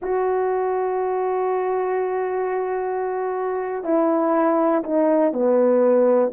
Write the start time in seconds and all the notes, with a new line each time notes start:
0.02 F#4
3.84 E4
4.83 D#4
5.32 B3